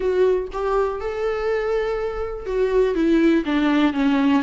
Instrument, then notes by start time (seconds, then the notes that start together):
viola
0.00 F#4
0.52 G4
1.00 A4
2.46 F#4
2.95 E4
3.45 D4
3.93 C#4